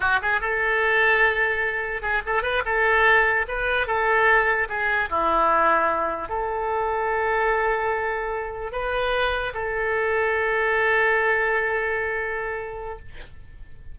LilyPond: \new Staff \with { instrumentName = "oboe" } { \time 4/4 \tempo 4 = 148 fis'8 gis'8 a'2.~ | a'4 gis'8 a'8 b'8 a'4.~ | a'8 b'4 a'2 gis'8~ | gis'8 e'2. a'8~ |
a'1~ | a'4. b'2 a'8~ | a'1~ | a'1 | }